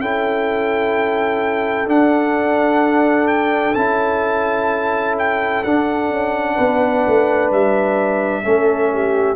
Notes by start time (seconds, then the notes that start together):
0.00 C#4 E4 A4 G5
1.87 D4 F#5
3.28 G5
3.75 C#4 E4 A5
5.19 G5
5.64 D4 F#5
6.10 C#4
6.55 B3 B4
7.07 A3
7.51 G3 E5
8.43 A3 C#4 A4
8.93 G4